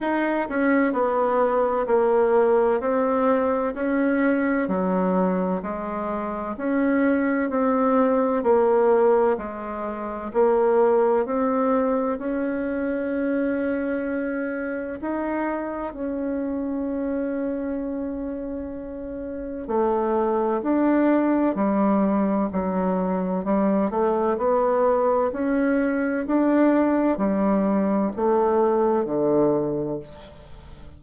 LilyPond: \new Staff \with { instrumentName = "bassoon" } { \time 4/4 \tempo 4 = 64 dis'8 cis'8 b4 ais4 c'4 | cis'4 fis4 gis4 cis'4 | c'4 ais4 gis4 ais4 | c'4 cis'2. |
dis'4 cis'2.~ | cis'4 a4 d'4 g4 | fis4 g8 a8 b4 cis'4 | d'4 g4 a4 d4 | }